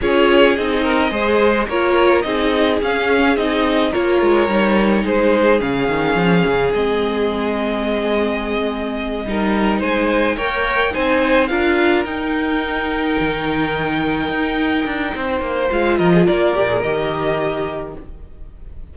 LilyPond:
<<
  \new Staff \with { instrumentName = "violin" } { \time 4/4 \tempo 4 = 107 cis''4 dis''2 cis''4 | dis''4 f''4 dis''4 cis''4~ | cis''4 c''4 f''2 | dis''1~ |
dis''4. gis''4 g''4 gis''8~ | gis''8 f''4 g''2~ g''8~ | g''1 | f''8 dis''8 d''4 dis''2 | }
  \new Staff \with { instrumentName = "violin" } { \time 4/4 gis'4. ais'8 c''4 ais'4 | gis'2. ais'4~ | ais'4 gis'2.~ | gis'1~ |
gis'8 ais'4 c''4 cis''4 c''8~ | c''8 ais'2.~ ais'8~ | ais'2. c''4~ | c''8 ais'16 gis'16 ais'2. | }
  \new Staff \with { instrumentName = "viola" } { \time 4/4 f'4 dis'4 gis'4 f'4 | dis'4 cis'4 dis'4 f'4 | dis'2 cis'2 | c'1~ |
c'8 dis'2 ais'4 dis'8~ | dis'8 f'4 dis'2~ dis'8~ | dis'1 | f'4. g'16 gis'16 g'2 | }
  \new Staff \with { instrumentName = "cello" } { \time 4/4 cis'4 c'4 gis4 ais4 | c'4 cis'4 c'4 ais8 gis8 | g4 gis4 cis8 dis8 f8 cis8 | gis1~ |
gis8 g4 gis4 ais4 c'8~ | c'8 d'4 dis'2 dis8~ | dis4. dis'4 d'8 c'8 ais8 | gis8 f8 ais8 ais,8 dis2 | }
>>